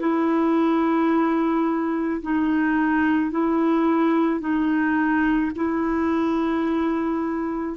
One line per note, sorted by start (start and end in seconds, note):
0.00 2.22 E4
2.23 3.31 D#4
3.31 4.41 E4
4.41 5.52 D#4
5.56 7.77 E4